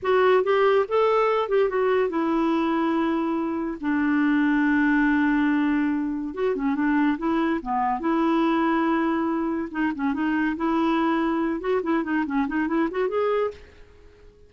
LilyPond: \new Staff \with { instrumentName = "clarinet" } { \time 4/4 \tempo 4 = 142 fis'4 g'4 a'4. g'8 | fis'4 e'2.~ | e'4 d'2.~ | d'2. fis'8 cis'8 |
d'4 e'4 b4 e'4~ | e'2. dis'8 cis'8 | dis'4 e'2~ e'8 fis'8 | e'8 dis'8 cis'8 dis'8 e'8 fis'8 gis'4 | }